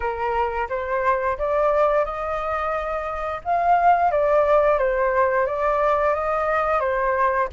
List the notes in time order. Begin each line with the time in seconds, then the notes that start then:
0.00 A#4
0.69 C5
1.38 D5
2.04 D#5
3.44 F5
4.11 D5
4.78 C5
5.46 D5
6.14 D#5
6.80 C5